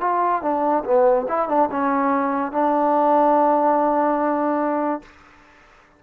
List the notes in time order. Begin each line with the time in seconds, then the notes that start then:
0.00 F4
0.42 D4
0.84 B3
1.28 E4
1.48 D4
1.71 C#4
2.52 D4